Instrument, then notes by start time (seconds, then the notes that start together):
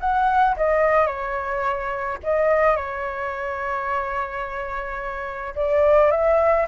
flute
0.00 F#5
0.56 D#5
1.07 C#5
2.23 D#5
2.76 C#5
5.55 D5
6.11 E5